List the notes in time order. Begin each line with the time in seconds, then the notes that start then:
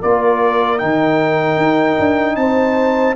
0.00 A#3 F4 A#4 D5
0.79 D#3 D#4 G5
1.57 D#4
1.99 D4
2.36 C4 C5 A5